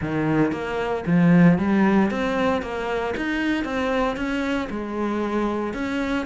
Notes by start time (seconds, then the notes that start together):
0.01 D#3
0.52 A#3
1.06 F3
1.58 G3
2.10 C4
2.62 A#3
3.17 D#4
3.64 C4
4.16 C#4
4.70 G#3
5.73 C#4